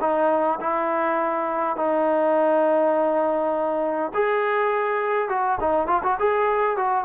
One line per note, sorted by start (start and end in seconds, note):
0.00 0.59 D#4
0.60 1.76 E4
1.76 4.11 D#4
4.14 5.29 G#4
5.29 5.58 F#4
5.60 5.87 D#4
5.87 6.02 F4
6.03 6.18 F#4
6.19 6.77 G#4
6.77 7.04 F#4